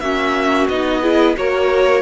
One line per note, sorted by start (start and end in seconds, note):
0.00 0.67 A#3
0.00 0.69 C#4
0.00 1.02 F#4
0.00 0.67 E5
0.68 1.36 B3
0.68 1.02 D#4
0.68 1.35 D#5
1.02 1.36 E4
1.02 1.35 G#4
1.36 2.02 A#3
1.36 2.02 F#4
1.36 2.02 A#4
1.36 2.02 C#5